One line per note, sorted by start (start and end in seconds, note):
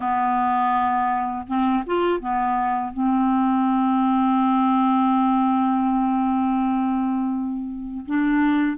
0.00 1.46 B3
1.47 1.83 C4
1.86 2.20 F4
2.20 2.93 B3
2.93 8.05 C4
8.06 8.77 D4